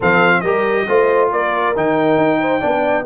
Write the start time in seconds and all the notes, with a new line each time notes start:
0.00 F3 C4 A4 F5
0.40 G3 G4 A#4 D#5
0.87 A3 F4 C5
1.31 A#3 A#4 D5
1.75 D#3 D#4 G5
2.17 D#4
2.40 C5
2.60 B3 D4 D5